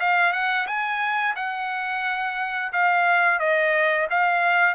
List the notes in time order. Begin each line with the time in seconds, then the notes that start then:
0.00 F5
0.33 F#5
0.67 G#5
1.36 F#5
2.73 F5
3.40 D#5
4.10 F5